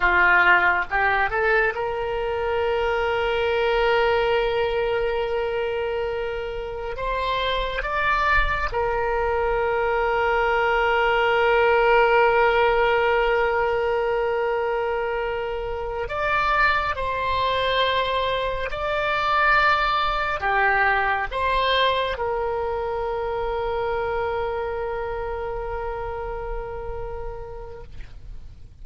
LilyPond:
\new Staff \with { instrumentName = "oboe" } { \time 4/4 \tempo 4 = 69 f'4 g'8 a'8 ais'2~ | ais'1 | c''4 d''4 ais'2~ | ais'1~ |
ais'2~ ais'8 d''4 c''8~ | c''4. d''2 g'8~ | g'8 c''4 ais'2~ ais'8~ | ais'1 | }